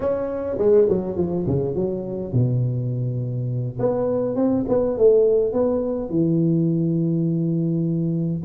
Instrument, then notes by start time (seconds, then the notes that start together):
tuba
0.00 C#4
0.58 G#3
0.89 F#3
1.16 F3
1.46 C#3
1.75 F#3
2.32 B2
3.79 B3
4.35 C4
4.68 B3
4.97 A3
5.53 B3
6.09 E3